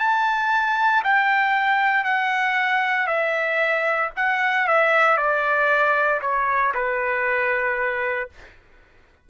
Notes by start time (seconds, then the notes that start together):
0.00 A5
1.04 G5
2.05 F#5
3.07 E5
4.17 F#5
4.68 E5
5.17 D5
6.22 C#5
6.74 B4